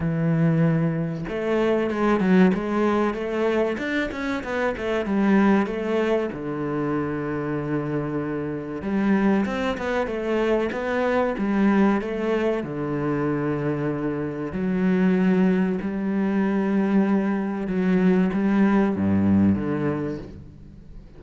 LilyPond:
\new Staff \with { instrumentName = "cello" } { \time 4/4 \tempo 4 = 95 e2 a4 gis8 fis8 | gis4 a4 d'8 cis'8 b8 a8 | g4 a4 d2~ | d2 g4 c'8 b8 |
a4 b4 g4 a4 | d2. fis4~ | fis4 g2. | fis4 g4 g,4 d4 | }